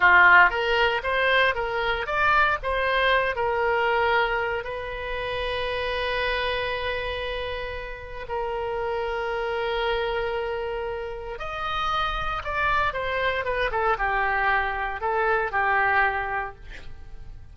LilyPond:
\new Staff \with { instrumentName = "oboe" } { \time 4/4 \tempo 4 = 116 f'4 ais'4 c''4 ais'4 | d''4 c''4. ais'4.~ | ais'4 b'2.~ | b'1 |
ais'1~ | ais'2 dis''2 | d''4 c''4 b'8 a'8 g'4~ | g'4 a'4 g'2 | }